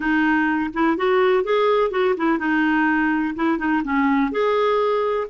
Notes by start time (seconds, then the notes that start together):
0.00 D#4
0.73 E4
0.97 F#4
1.44 G#4
1.90 F#4
2.17 E4
2.38 D#4
3.35 E4
3.58 D#4
3.84 C#4
4.31 G#4